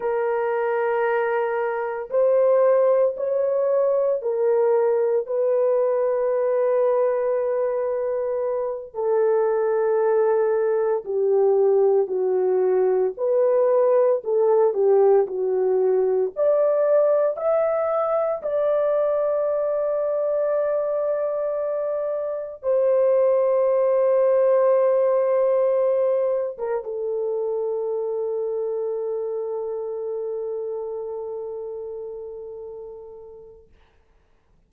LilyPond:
\new Staff \with { instrumentName = "horn" } { \time 4/4 \tempo 4 = 57 ais'2 c''4 cis''4 | ais'4 b'2.~ | b'8 a'2 g'4 fis'8~ | fis'8 b'4 a'8 g'8 fis'4 d''8~ |
d''8 e''4 d''2~ d''8~ | d''4. c''2~ c''8~ | c''4~ c''16 ais'16 a'2~ a'8~ | a'1 | }